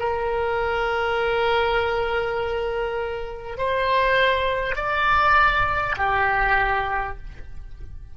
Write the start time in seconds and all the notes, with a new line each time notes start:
0.00 A#4
3.58 C5
4.76 D5
5.97 G4